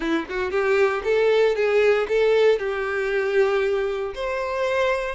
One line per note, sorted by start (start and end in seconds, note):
0.00 0.25 E4
0.29 0.51 F#4
0.51 1.03 G4
1.04 1.55 A4
1.55 2.07 G#4
2.08 2.58 A4
2.58 4.14 G4
4.14 5.15 C5